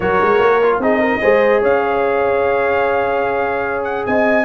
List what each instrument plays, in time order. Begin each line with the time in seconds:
0.00 tuba F#3, trombone F#4, horn A#4, trumpet C#5
0.21 tuba G#3
0.39 tuba A#3
0.62 trombone F4
0.78 tuba C4, trombone D#4, horn G#4, trumpet D#5
0.99 horn A#4
1.21 tuba G#3, trombone G#4, horn C5
1.61 tuba C#4, horn C#5, trumpet F5
3.84 trumpet F#5
4.05 tuba C4, horn D#5, trumpet G#5